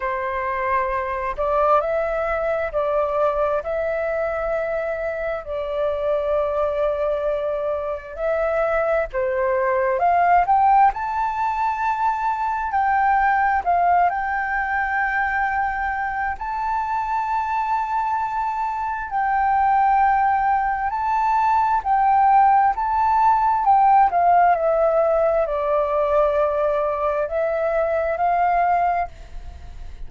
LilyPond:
\new Staff \with { instrumentName = "flute" } { \time 4/4 \tempo 4 = 66 c''4. d''8 e''4 d''4 | e''2 d''2~ | d''4 e''4 c''4 f''8 g''8 | a''2 g''4 f''8 g''8~ |
g''2 a''2~ | a''4 g''2 a''4 | g''4 a''4 g''8 f''8 e''4 | d''2 e''4 f''4 | }